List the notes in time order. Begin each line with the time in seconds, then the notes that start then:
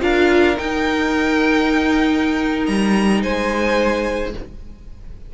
0.00 D4 F4 A#4 F5
0.56 D#4 G5
2.66 G3 A#5
3.22 G#3 C5 G#5